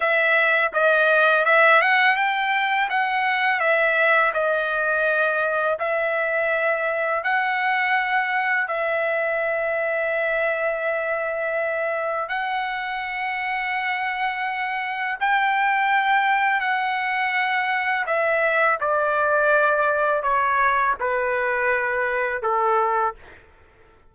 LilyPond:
\new Staff \with { instrumentName = "trumpet" } { \time 4/4 \tempo 4 = 83 e''4 dis''4 e''8 fis''8 g''4 | fis''4 e''4 dis''2 | e''2 fis''2 | e''1~ |
e''4 fis''2.~ | fis''4 g''2 fis''4~ | fis''4 e''4 d''2 | cis''4 b'2 a'4 | }